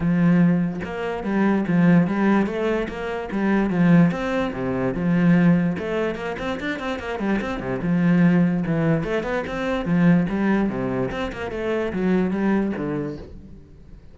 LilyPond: \new Staff \with { instrumentName = "cello" } { \time 4/4 \tempo 4 = 146 f2 ais4 g4 | f4 g4 a4 ais4 | g4 f4 c'4 c4 | f2 a4 ais8 c'8 |
d'8 c'8 ais8 g8 c'8 c8 f4~ | f4 e4 a8 b8 c'4 | f4 g4 c4 c'8 ais8 | a4 fis4 g4 d4 | }